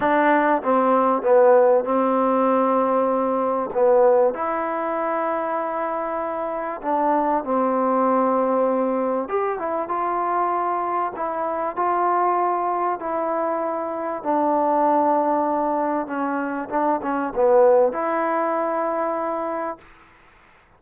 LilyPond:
\new Staff \with { instrumentName = "trombone" } { \time 4/4 \tempo 4 = 97 d'4 c'4 b4 c'4~ | c'2 b4 e'4~ | e'2. d'4 | c'2. g'8 e'8 |
f'2 e'4 f'4~ | f'4 e'2 d'4~ | d'2 cis'4 d'8 cis'8 | b4 e'2. | }